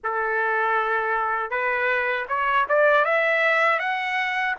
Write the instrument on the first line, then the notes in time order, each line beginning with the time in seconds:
trumpet
0.03 A4
1.50 B4
2.28 C#5
2.68 D5
3.04 E5
3.79 F#5